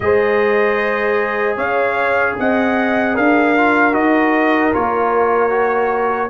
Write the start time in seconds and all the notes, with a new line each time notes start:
0.00 G#3 G#4 C5 D#5
1.56 C#4 C#5 F5
2.39 C4 D#5 F#5
3.14 D4 A#4 F5
3.56 F4
3.92 D#4 F#4 D#5
4.73 A#3 F4 C#5
5.49 F#4